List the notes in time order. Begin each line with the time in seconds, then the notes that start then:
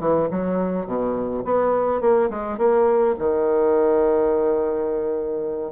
0.00 E3
0.31 F#3
0.86 B2
1.45 B3
2.01 A#3
2.30 G#3
2.58 A#3
3.18 D#3